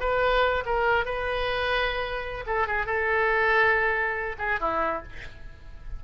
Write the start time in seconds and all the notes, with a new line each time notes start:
0.00 B4
0.66 A#4
1.05 B4
2.47 A4
2.67 G#4
2.86 A4
4.38 G#4
4.60 E4